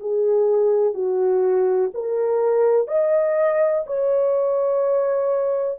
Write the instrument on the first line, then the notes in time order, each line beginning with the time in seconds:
horn
0.00 G#4
0.94 F#4
1.94 A#4
2.87 D#5
3.86 C#5